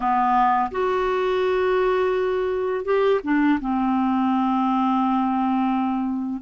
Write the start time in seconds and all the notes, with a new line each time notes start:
0.00 B3
0.71 F#4
2.84 G4
3.23 D4
3.60 C4